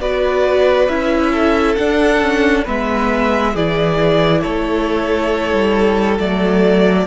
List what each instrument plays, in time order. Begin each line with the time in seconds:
0.00 cello B3, viola F#4, violin B4 D5
0.89 cello C#4, viola E4, violin E5
1.32 violin A4
1.76 cello D4, viola D4, violin F#5
2.21 viola C#4
2.64 cello G#3, viola B3, violin B4 E5
3.53 cello E3, viola E4, violin G#4 D5
4.41 cello A3, violin A4 C#5
5.53 cello G3
6.19 cello F#3, viola A3, violin D5